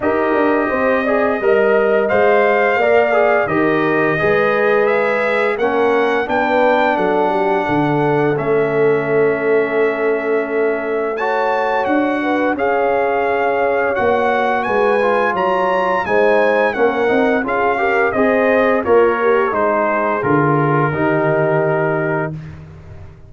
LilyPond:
<<
  \new Staff \with { instrumentName = "trumpet" } { \time 4/4 \tempo 4 = 86 dis''2. f''4~ | f''4 dis''2 e''4 | fis''4 g''4 fis''2 | e''1 |
a''4 fis''4 f''2 | fis''4 gis''4 ais''4 gis''4 | fis''4 f''4 dis''4 cis''4 | c''4 ais'2. | }
  \new Staff \with { instrumentName = "horn" } { \time 4/4 ais'4 c''8 d''8 dis''2 | d''4 ais'4 b'2 | ais'4 b'4 a'8 g'8 a'4~ | a'1 |
cis''4. b'8 cis''2~ | cis''4 b'4 cis''4 c''4 | ais'4 gis'8 ais'8 c''4 f'8 g'8 | gis'2 g'2 | }
  \new Staff \with { instrumentName = "trombone" } { \time 4/4 g'4. gis'8 ais'4 c''4 | ais'8 gis'8 g'4 gis'2 | cis'4 d'2. | cis'1 |
fis'2 gis'2 | fis'4. f'4. dis'4 | cis'8 dis'8 f'8 g'8 gis'4 ais'4 | dis'4 f'4 dis'2 | }
  \new Staff \with { instrumentName = "tuba" } { \time 4/4 dis'8 d'8 c'4 g4 gis4 | ais4 dis4 gis2 | ais4 b4 fis4 d4 | a1~ |
a4 d'4 cis'2 | ais4 gis4 fis4 gis4 | ais8 c'8 cis'4 c'4 ais4 | gis4 d4 dis2 | }
>>